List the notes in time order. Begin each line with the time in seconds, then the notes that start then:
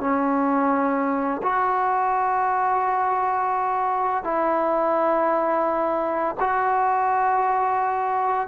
0.00 C#4
1.43 F#4
4.24 E4
6.40 F#4